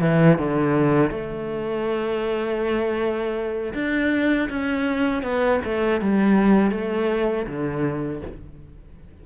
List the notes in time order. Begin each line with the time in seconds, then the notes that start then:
0.00 E3
0.38 D3
1.10 A3
3.74 D4
4.49 C#4
5.22 B3
5.65 A3
6.01 G3
6.71 A3
7.46 D3